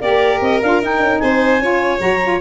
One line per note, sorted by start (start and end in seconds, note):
0.00 0.40 A#3
0.00 0.61 G4
0.00 1.21 A#4
0.00 0.40 D5
0.40 0.60 C4
0.40 0.61 D#5
0.61 0.82 D4
0.61 0.81 F4
0.61 0.81 F5
0.81 1.61 D#4
0.81 1.00 D#4
0.81 1.19 G5
1.00 1.20 C#4
1.19 1.59 C4
1.19 1.62 C5
1.19 1.99 G#5
1.59 1.99 C#4
1.59 1.98 F4
1.59 2.41 C#5
1.98 2.40 F#3
1.98 2.18 F#4
1.98 2.40 A#5
2.23 2.41 F4